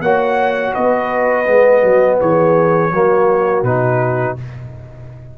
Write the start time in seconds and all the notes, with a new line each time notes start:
0.00 A#3 F#4 C#5 F#5
0.75 B3 B4 D#5
1.46 G#3 B3
1.83 F#3 F#4
2.21 E3 G#4 C#5
2.92 F#3 A#3 F#4
3.63 B2 D#4 B4